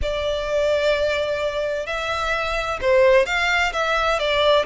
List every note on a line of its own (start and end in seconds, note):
0.01 1.86 D5
1.86 2.79 E5
2.81 3.26 C5
3.26 3.72 F5
3.72 4.19 E5
4.19 4.65 D5